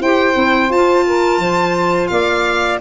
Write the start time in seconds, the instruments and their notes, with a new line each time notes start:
0.00 tuba E4, clarinet G4, saxophone C5, violin G5
0.33 tuba C4, clarinet E4
0.69 tuba F4, clarinet F4, violin A5
1.06 saxophone A#4
1.38 tuba F3, saxophone C5
2.07 tuba A#3, saxophone D5, violin F5